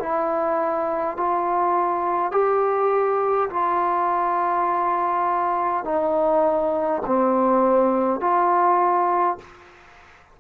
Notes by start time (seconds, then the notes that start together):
0.00 E4
1.17 F4
2.32 G4
3.50 F4
5.84 D#4
7.06 C4
8.21 F4